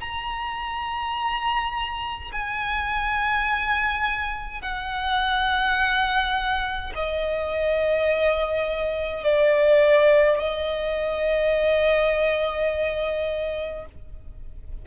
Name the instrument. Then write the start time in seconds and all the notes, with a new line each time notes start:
violin
0.00 A#5
2.32 G#5
4.62 F#5
6.95 D#5
9.24 D5
10.40 D#5